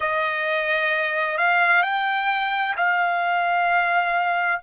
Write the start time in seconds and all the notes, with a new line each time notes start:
0.00 D#5
1.37 F5
1.82 G5
2.77 F5